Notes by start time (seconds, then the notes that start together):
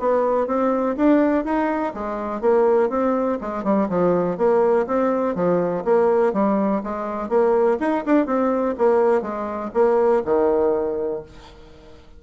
0.00 B3
0.47 C4
0.97 D4
1.45 D#4
1.94 G#3
2.41 A#3
2.90 C4
3.41 G#3
3.64 G3
3.89 F3
4.38 A#3
4.87 C4
5.35 F3
5.85 A#3
6.33 G3
6.84 G#3
7.29 A#3
7.80 D#4
8.06 D4
8.27 C4
8.78 A#3
9.22 G#3
9.74 A#3
10.25 D#3